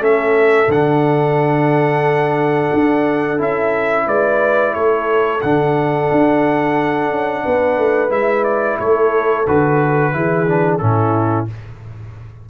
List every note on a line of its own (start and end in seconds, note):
0.00 0.68 A3
0.00 0.67 C#4
0.00 4.05 A4
0.00 0.71 E5
0.68 2.70 D3
0.68 3.38 D4
0.68 3.41 F#5
2.74 3.40 D4
3.38 4.07 C#4
3.38 5.40 E4
3.38 4.08 E5
4.07 4.75 G#3
4.07 4.74 B4
4.07 4.74 D5
4.74 5.42 A3
4.74 7.44 A4
4.74 5.41 C#5
5.42 6.11 D3
5.42 8.10 D4
5.42 8.12 F#5
6.12 7.12 D4
7.12 7.45 C#4
7.44 7.78 B3
7.44 8.79 B4
7.78 8.10 A3
8.10 8.78 G#3
8.10 9.44 E4
8.10 8.44 E5
8.44 8.78 D5
8.79 9.47 A3
8.79 10.14 A4
8.79 9.47 C#5
9.47 10.13 D3
9.47 10.13 F#4
9.47 10.78 B4
10.13 10.81 E3
10.13 10.47 E4
10.13 10.82 G#4
10.47 10.80 D4
10.78 11.50 A2
10.78 11.48 C#4
10.78 11.50 E4
10.78 11.46 A4